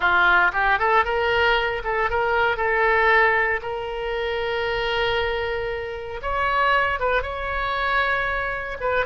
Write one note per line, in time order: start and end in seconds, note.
0.00 0.51 F4
0.52 0.78 G4
0.78 1.04 A4
1.04 1.82 A#4
1.84 2.09 A4
2.09 2.56 A#4
2.56 3.60 A4
3.62 6.20 A#4
6.22 6.99 C#5
6.99 7.22 B4
7.22 8.77 C#5
8.80 9.05 B4